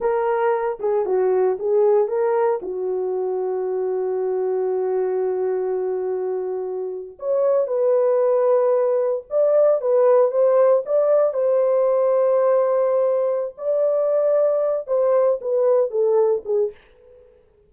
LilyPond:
\new Staff \with { instrumentName = "horn" } { \time 4/4 \tempo 4 = 115 ais'4. gis'8 fis'4 gis'4 | ais'4 fis'2.~ | fis'1~ | fis'4.~ fis'16 cis''4 b'4~ b'16~ |
b'4.~ b'16 d''4 b'4 c''16~ | c''8. d''4 c''2~ c''16~ | c''2 d''2~ | d''8 c''4 b'4 a'4 gis'8 | }